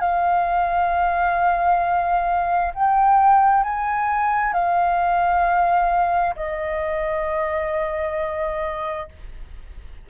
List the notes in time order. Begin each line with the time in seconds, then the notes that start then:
0.00 F5
2.74 G5
3.63 G#5
4.53 F5
6.36 D#5